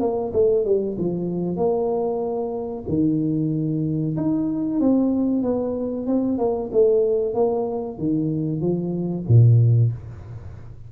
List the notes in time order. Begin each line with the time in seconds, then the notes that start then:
0.00 A#3
0.33 A3
0.65 G3
0.98 F3
1.56 A#3
2.88 D#3
4.16 D#4
4.80 C4
5.43 B3
6.06 C4
6.38 A#3
6.72 A3
7.34 A#3
7.98 D#3
8.61 F3
9.28 A#2